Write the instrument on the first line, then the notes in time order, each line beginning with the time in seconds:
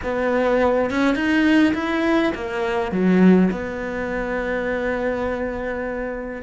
cello
0.03 B3
0.90 C#4
1.15 D#4
1.74 E4
2.34 A#3
2.91 F#3
3.51 B3